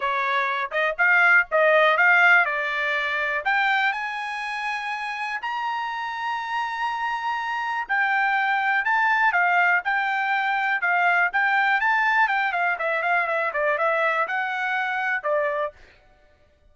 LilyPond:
\new Staff \with { instrumentName = "trumpet" } { \time 4/4 \tempo 4 = 122 cis''4. dis''8 f''4 dis''4 | f''4 d''2 g''4 | gis''2. ais''4~ | ais''1 |
g''2 a''4 f''4 | g''2 f''4 g''4 | a''4 g''8 f''8 e''8 f''8 e''8 d''8 | e''4 fis''2 d''4 | }